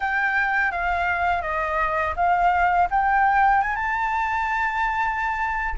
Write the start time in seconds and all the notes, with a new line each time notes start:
0.00 G5
0.71 F5
1.42 D#5
2.16 F5
2.90 G5
3.61 G#5
3.75 A5